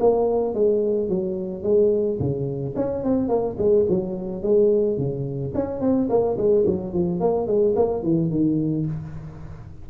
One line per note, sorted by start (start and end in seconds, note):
0.00 0.55 A#3
0.55 1.10 G#3
1.10 1.63 F#3
1.63 2.19 G#3
2.20 2.75 C#3
2.76 3.04 C#4
3.04 3.29 C4
3.29 3.57 A#3
3.58 3.86 G#3
3.90 4.43 F#3
4.43 4.98 G#3
4.98 5.54 C#3
5.55 5.81 C#4
5.81 6.09 C4
6.10 6.38 A#3
6.38 6.66 G#3
6.67 6.94 F#3
6.94 7.21 F3
7.21 7.47 A#3
7.47 7.75 G#3
7.77 8.03 A#3
8.03 8.31 E3
8.31 8.87 D#3